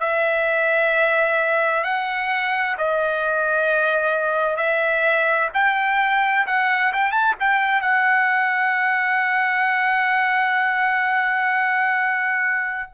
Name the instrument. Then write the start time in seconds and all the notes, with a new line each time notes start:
trumpet
0.00 E5
1.84 F#5
2.78 D#5
4.57 E5
5.54 G5
6.47 F#5
6.93 G5
7.12 A5
7.40 G5
7.82 F#5